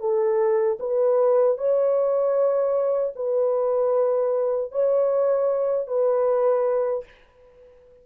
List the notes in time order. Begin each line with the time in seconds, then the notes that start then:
0.00 A4
0.79 B4
1.57 C#5
3.16 B4
4.72 C#5
5.87 B4